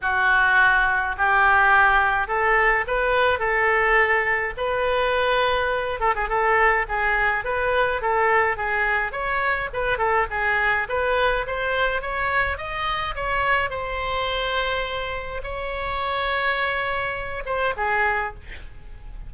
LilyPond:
\new Staff \with { instrumentName = "oboe" } { \time 4/4 \tempo 4 = 105 fis'2 g'2 | a'4 b'4 a'2 | b'2~ b'8 a'16 gis'16 a'4 | gis'4 b'4 a'4 gis'4 |
cis''4 b'8 a'8 gis'4 b'4 | c''4 cis''4 dis''4 cis''4 | c''2. cis''4~ | cis''2~ cis''8 c''8 gis'4 | }